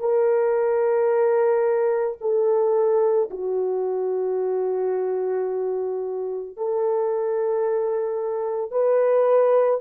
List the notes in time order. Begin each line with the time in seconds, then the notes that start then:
0.00 A#4
2.21 A4
3.31 F#4
6.57 A4
8.72 B4